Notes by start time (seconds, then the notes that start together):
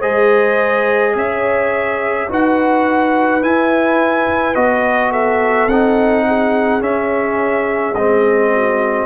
0.00 G#3 G#4 C5 D#5
1.16 C#4 C#5 E5
2.29 D#4 F#4 B4 F#5
3.43 E4 G#5
4.55 B3 F#4 D#5
5.12 A4 E5
5.67 C4 D#4 F#5
6.28 G#4
6.81 C#4 E5
7.95 G#3 C4 D#5
8.54 F#4